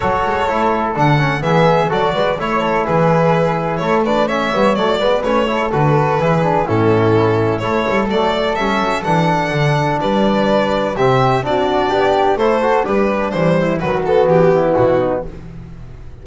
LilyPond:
<<
  \new Staff \with { instrumentName = "violin" } { \time 4/4 \tempo 4 = 126 cis''2 fis''4 e''4 | d''4 cis''4 b'2 | cis''8 d''8 e''4 d''4 cis''4 | b'2 a'2 |
cis''4 d''4 e''4 fis''4~ | fis''4 d''2 e''4 | d''2 c''4 b'4 | c''4 b'8 a'8 g'4 fis'4 | }
  \new Staff \with { instrumentName = "flute" } { \time 4/4 a'2. gis'4 | a'8 b'8 cis''8 a'8 gis'2 | a'8 b'8 cis''4. b'4 a'8~ | a'4 gis'4 e'2 |
a'1~ | a'4 b'2 g'4 | fis'4 g'4 a'4 d'4~ | d'8 e'8 fis'4. e'4 dis'8 | }
  \new Staff \with { instrumentName = "trombone" } { \time 4/4 fis'4 e'4 d'8 cis'8 b4 | fis'4 e'2.~ | e'8 d'8 cis'8 b8 a8 b8 cis'8 e'8 | fis'4 e'8 d'8 cis'2 |
e'4 a4 cis'4 d'4~ | d'2. c'4 | d'2 e'8 fis'8 g'4 | g4 fis8 b2~ b8 | }
  \new Staff \with { instrumentName = "double bass" } { \time 4/4 fis8 gis8 a4 d4 e4 | fis8 gis8 a4 e2 | a4. g8 fis8 gis8 a4 | d4 e4 a,2 |
a8 g8 fis4 g8 fis8 e4 | d4 g2 c4 | c'4 b4 a4 g4 | e4 dis4 e4 b,4 | }
>>